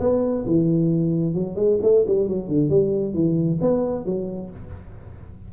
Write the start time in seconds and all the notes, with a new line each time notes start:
0.00 B3
0.46 E3
1.34 F#3
1.56 G#3
1.83 A3
2.07 G3
2.28 F#3
2.48 D3
2.69 G3
3.14 E3
3.61 B3
4.05 F#3